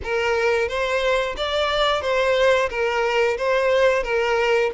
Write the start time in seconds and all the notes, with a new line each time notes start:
0.03 A#4
0.68 C5
1.37 D5
2.01 C5
2.69 A#4
3.37 C5
4.03 A#4